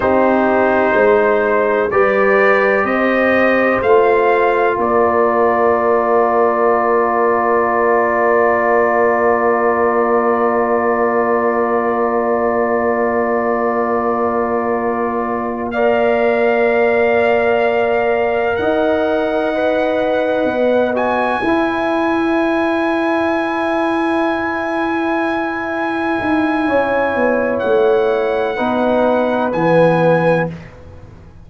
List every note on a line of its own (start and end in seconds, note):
0.00 0.94 C4
0.00 1.89 D#4
0.00 0.95 G4
0.00 1.90 C5
0.94 1.89 G#3
0.94 1.90 C5
1.90 2.83 G3
1.90 3.83 G4
1.90 2.85 B4
1.90 2.85 D5
2.83 3.78 C4
2.83 4.75 C5
2.83 3.80 D#5
3.81 4.77 A3
3.81 15.73 F4
3.81 4.77 F5
4.76 18.58 A#3
4.76 15.72 A#4
4.76 15.71 D5
15.71 19.54 A#4
15.71 18.58 D5
15.71 18.56 F5
18.56 20.44 D#4
18.56 21.43 D#5
18.56 20.94 F#5
19.54 20.94 B4
20.44 21.39 B3
20.94 21.41 F#4
20.94 27.59 G#5
21.42 26.18 E4
21.42 28.56 E4
21.42 26.67 B4
26.20 26.67 D#4
26.67 27.15 C#4
26.67 28.56 C#5
27.15 27.62 B3
27.59 28.58 A3
27.59 29.49 F#5
28.56 29.53 B3
28.56 29.52 D#4
28.56 30.46 B4
29.52 30.48 E3
29.52 30.50 B3
29.52 30.47 G#5